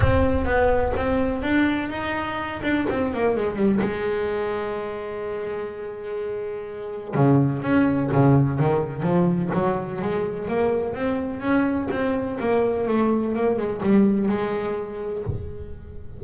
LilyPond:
\new Staff \with { instrumentName = "double bass" } { \time 4/4 \tempo 4 = 126 c'4 b4 c'4 d'4 | dis'4. d'8 c'8 ais8 gis8 g8 | gis1~ | gis2. cis4 |
cis'4 cis4 dis4 f4 | fis4 gis4 ais4 c'4 | cis'4 c'4 ais4 a4 | ais8 gis8 g4 gis2 | }